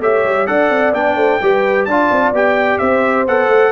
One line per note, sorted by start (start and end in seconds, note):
0.00 0.23 A3
0.00 0.46 G4
0.00 0.47 C#5
0.00 0.46 E5
0.24 0.47 G3
0.46 0.69 D4
0.46 0.93 A4
0.46 1.16 D5
0.46 0.93 F#5
0.69 0.92 C4
0.92 1.15 B3
0.92 1.40 D4
0.92 1.84 G5
1.15 1.39 A3
1.15 1.39 C5
1.41 1.87 G3
1.41 1.88 G4
1.41 1.87 B4
1.84 2.10 D4
1.84 2.34 F4
1.84 2.80 D5
1.84 2.31 A5
2.11 2.31 C4
2.31 2.78 B3
2.31 3.27 G4
2.31 2.78 G5
2.78 3.26 C4
2.78 3.71 C5
2.78 3.24 E5
3.26 3.47 B3
3.26 3.71 A4
3.26 3.71 F#5
3.47 3.71 A3